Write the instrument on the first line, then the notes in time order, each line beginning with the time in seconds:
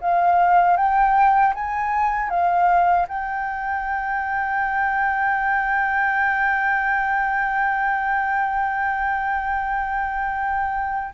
flute
0.00 F5
0.76 G5
1.54 G#5
2.29 F5
3.08 G5